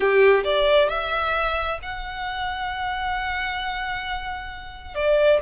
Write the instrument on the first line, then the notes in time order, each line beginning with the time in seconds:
violin
0.00 G4
0.44 D5
0.89 E5
1.82 F#5
4.94 D5